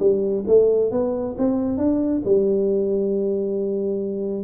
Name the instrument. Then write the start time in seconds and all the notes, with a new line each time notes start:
tuba
0.00 G3
0.48 A3
0.92 B3
1.38 C4
1.78 D4
2.25 G3